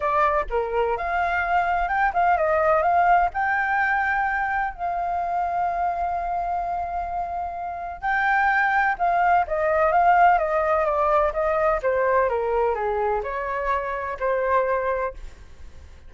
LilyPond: \new Staff \with { instrumentName = "flute" } { \time 4/4 \tempo 4 = 127 d''4 ais'4 f''2 | g''8 f''8 dis''4 f''4 g''4~ | g''2 f''2~ | f''1~ |
f''4 g''2 f''4 | dis''4 f''4 dis''4 d''4 | dis''4 c''4 ais'4 gis'4 | cis''2 c''2 | }